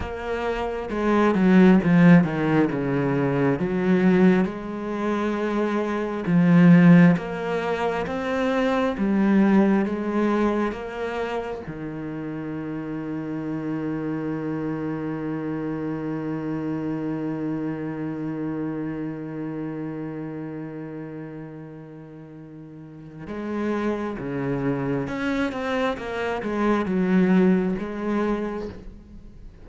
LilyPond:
\new Staff \with { instrumentName = "cello" } { \time 4/4 \tempo 4 = 67 ais4 gis8 fis8 f8 dis8 cis4 | fis4 gis2 f4 | ais4 c'4 g4 gis4 | ais4 dis2.~ |
dis1~ | dis1~ | dis2 gis4 cis4 | cis'8 c'8 ais8 gis8 fis4 gis4 | }